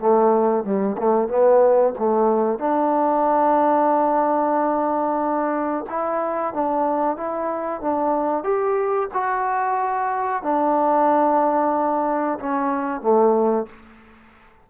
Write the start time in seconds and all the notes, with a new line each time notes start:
0.00 A3
0.64 G3
0.98 A3
1.29 B3
1.99 A3
2.59 D4
5.90 E4
6.54 D4
7.17 E4
7.82 D4
8.44 G4
9.14 F#4
10.43 D4
12.40 C#4
13.02 A3